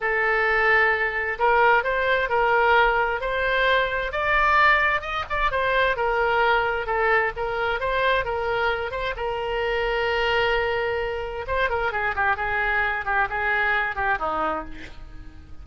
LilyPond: \new Staff \with { instrumentName = "oboe" } { \time 4/4 \tempo 4 = 131 a'2. ais'4 | c''4 ais'2 c''4~ | c''4 d''2 dis''8 d''8 | c''4 ais'2 a'4 |
ais'4 c''4 ais'4. c''8 | ais'1~ | ais'4 c''8 ais'8 gis'8 g'8 gis'4~ | gis'8 g'8 gis'4. g'8 dis'4 | }